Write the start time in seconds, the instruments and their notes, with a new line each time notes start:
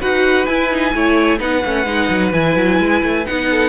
0.00 cello D#4, viola F#4, violin B4 F#5
0.45 cello E4, viola E4, violin G#5
0.71 viola D#4
0.94 cello A3, viola E4, violin C#5
1.38 cello B3, viola D#4, violin B4 F#5
1.64 cello A3, viola C#4
1.86 cello G#3, viola D#4
2.10 cello F#3
2.33 cello E3, viola E4, violin G#5
2.56 cello F#3
2.79 cello G#3
3.03 cello A3
3.25 cello B3, viola D#4, violin F#5
3.50 violin A4